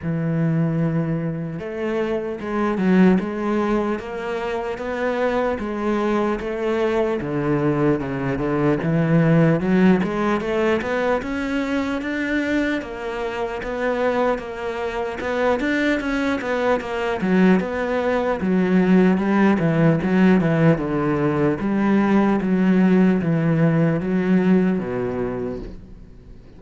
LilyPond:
\new Staff \with { instrumentName = "cello" } { \time 4/4 \tempo 4 = 75 e2 a4 gis8 fis8 | gis4 ais4 b4 gis4 | a4 d4 cis8 d8 e4 | fis8 gis8 a8 b8 cis'4 d'4 |
ais4 b4 ais4 b8 d'8 | cis'8 b8 ais8 fis8 b4 fis4 | g8 e8 fis8 e8 d4 g4 | fis4 e4 fis4 b,4 | }